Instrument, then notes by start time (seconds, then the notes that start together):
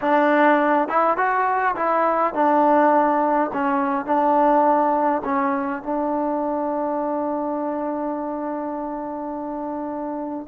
trombone
0.01 D4
0.88 E4
1.17 F#4
1.75 E4
2.34 D4
3.53 C#4
4.05 D4
5.24 C#4
5.83 D4